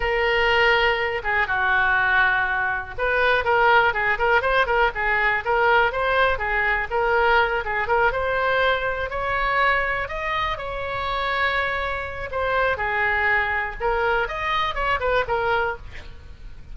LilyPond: \new Staff \with { instrumentName = "oboe" } { \time 4/4 \tempo 4 = 122 ais'2~ ais'8 gis'8 fis'4~ | fis'2 b'4 ais'4 | gis'8 ais'8 c''8 ais'8 gis'4 ais'4 | c''4 gis'4 ais'4. gis'8 |
ais'8 c''2 cis''4.~ | cis''8 dis''4 cis''2~ cis''8~ | cis''4 c''4 gis'2 | ais'4 dis''4 cis''8 b'8 ais'4 | }